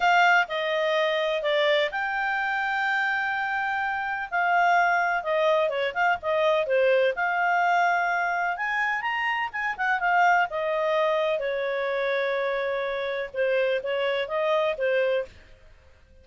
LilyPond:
\new Staff \with { instrumentName = "clarinet" } { \time 4/4 \tempo 4 = 126 f''4 dis''2 d''4 | g''1~ | g''4 f''2 dis''4 | cis''8 f''8 dis''4 c''4 f''4~ |
f''2 gis''4 ais''4 | gis''8 fis''8 f''4 dis''2 | cis''1 | c''4 cis''4 dis''4 c''4 | }